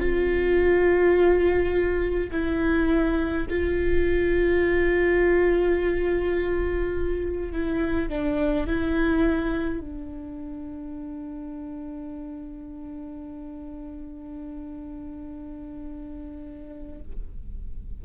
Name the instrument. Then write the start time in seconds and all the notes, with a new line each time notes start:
viola
0.00 F4
2.32 E4
3.50 F4
7.52 E4
8.09 D4
8.67 E4
9.81 D4